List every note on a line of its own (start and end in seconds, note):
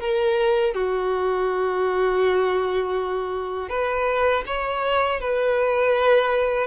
0.00 0.74 A#4
0.74 3.69 F#4
3.69 4.43 B4
4.46 5.20 C#5
5.20 6.67 B4